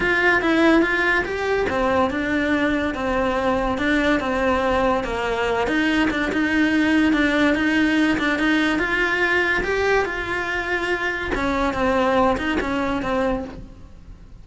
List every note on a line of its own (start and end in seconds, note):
0.00 0.41 F4
0.41 0.81 E4
0.81 1.23 F4
1.24 1.66 G4
1.69 2.10 C4
2.10 2.94 D4
2.94 3.78 C4
3.78 4.20 D4
4.20 5.03 C4
5.04 5.67 A#3
5.67 6.09 D#4
6.10 6.31 D4
6.32 7.12 D#4
7.12 7.54 D4
7.54 8.17 D#4
8.18 8.38 D4
8.38 8.78 D#4
8.78 9.62 F4
9.63 10.05 G4
10.05 11.31 F4
11.34 11.73 C#4
11.73 12.36 C4
12.37 12.58 D#4
12.60 13.02 C#4
13.02 13.44 C4